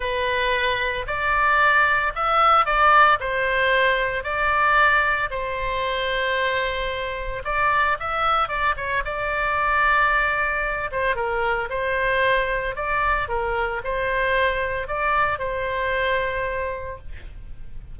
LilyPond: \new Staff \with { instrumentName = "oboe" } { \time 4/4 \tempo 4 = 113 b'2 d''2 | e''4 d''4 c''2 | d''2 c''2~ | c''2 d''4 e''4 |
d''8 cis''8 d''2.~ | d''8 c''8 ais'4 c''2 | d''4 ais'4 c''2 | d''4 c''2. | }